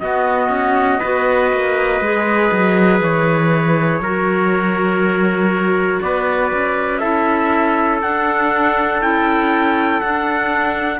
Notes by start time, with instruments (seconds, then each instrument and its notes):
0.00 clarinet B3, cello B3, trumpet F#4 D#5
0.49 cello C#4
0.99 cello B3, clarinet F#4, trumpet B4
1.53 cello A#3
2.01 cello G#3, clarinet G#4
2.52 cello F#3
3.01 cello E3, trumpet C#5
4.00 cello F#3, clarinet F#4, trumpet A#4
6.02 cello B3, trumpet B4 D5
6.53 cello C#4
6.98 clarinet E4, trumpet A4 E5
8.02 clarinet D4, cello D4, trumpet F#5
9.01 cello C#4, clarinet E4, trumpet G5
10.01 cello D4, clarinet D4, trumpet F#5